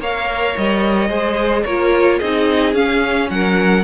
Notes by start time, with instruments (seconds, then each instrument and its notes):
0.00 cello A#3, viola A#4, violin C#5 F5
0.58 cello G3, violin D#5
1.09 cello G#3, viola G#4, violin C5
1.65 cello A#3, viola F4, violin A#4 C#5
2.19 cello C4, viola D#4, violin G#4 D#5
2.74 cello C#4, viola C#4, violin F5
3.30 cello F#3, violin A#4 F#5